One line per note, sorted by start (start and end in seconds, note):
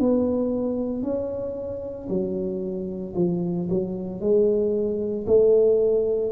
0.00 1.03 B3
1.03 2.08 C#4
2.09 3.14 F#3
3.16 3.68 F3
3.70 4.21 F#3
4.21 5.26 G#3
5.27 6.32 A3